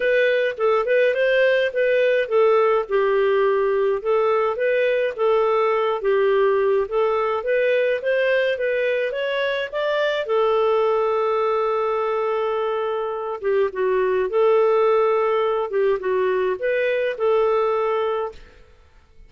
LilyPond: \new Staff \with { instrumentName = "clarinet" } { \time 4/4 \tempo 4 = 105 b'4 a'8 b'8 c''4 b'4 | a'4 g'2 a'4 | b'4 a'4. g'4. | a'4 b'4 c''4 b'4 |
cis''4 d''4 a'2~ | a'2.~ a'8 g'8 | fis'4 a'2~ a'8 g'8 | fis'4 b'4 a'2 | }